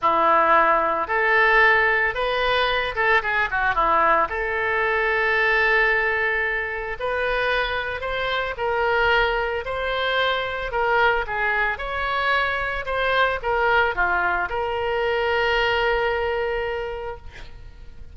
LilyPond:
\new Staff \with { instrumentName = "oboe" } { \time 4/4 \tempo 4 = 112 e'2 a'2 | b'4. a'8 gis'8 fis'8 e'4 | a'1~ | a'4 b'2 c''4 |
ais'2 c''2 | ais'4 gis'4 cis''2 | c''4 ais'4 f'4 ais'4~ | ais'1 | }